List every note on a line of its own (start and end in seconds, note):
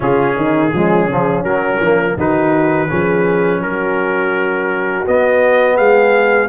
0.00 0.36 C#3
0.00 0.69 C#4
0.00 0.34 F4
0.00 1.44 G#4
0.36 0.72 D#3
0.36 0.72 D#4
0.73 1.08 F3
0.73 1.10 G#3
0.73 2.16 C#4
1.08 1.43 C#3
1.08 1.45 F3
1.43 1.79 F#3
1.43 1.81 F#3
1.43 2.16 A#4
1.80 2.16 F3
1.80 2.18 A#3
2.16 2.89 D#3
2.16 2.88 D#4
2.16 2.89 F#4
2.16 3.62 B4
2.88 3.60 F3
2.88 5.05 C#4
2.88 3.61 G#4
3.60 5.04 F#3
3.60 5.76 F#4
3.60 5.06 A#4
5.06 6.48 B3
5.06 5.79 B3
5.06 5.76 D#5
5.76 6.48 G#3
5.76 6.48 G#4
5.76 6.48 F5